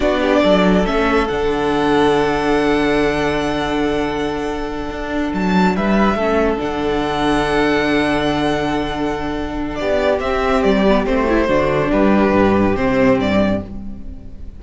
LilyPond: <<
  \new Staff \with { instrumentName = "violin" } { \time 4/4 \tempo 4 = 141 d''2 e''4 fis''4~ | fis''1~ | fis''1~ | fis''8 a''4 e''2 fis''8~ |
fis''1~ | fis''2. d''4 | e''4 d''4 c''2 | b'2 c''4 d''4 | }
  \new Staff \with { instrumentName = "violin" } { \time 4/4 fis'8 g'8 a'2.~ | a'1~ | a'1~ | a'4. b'4 a'4.~ |
a'1~ | a'2. g'4~ | g'2. fis'4 | g'1 | }
  \new Staff \with { instrumentName = "viola" } { \time 4/4 d'2 cis'4 d'4~ | d'1~ | d'1~ | d'2~ d'8 cis'4 d'8~ |
d'1~ | d'1 | c'4. b8 c'8 e'8 d'4~ | d'2 c'2 | }
  \new Staff \with { instrumentName = "cello" } { \time 4/4 b4 fis4 a4 d4~ | d1~ | d2.~ d8 d'8~ | d'8 fis4 g4 a4 d8~ |
d1~ | d2. b4 | c'4 g4 a4 d4 | g4 g,4 c4 g,4 | }
>>